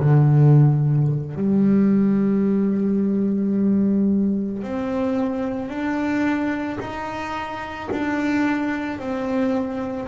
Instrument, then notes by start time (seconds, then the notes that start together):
double bass
0.00 D3
1.36 G3
4.63 C4
5.70 D4
6.80 D#4
7.92 D4
9.00 C4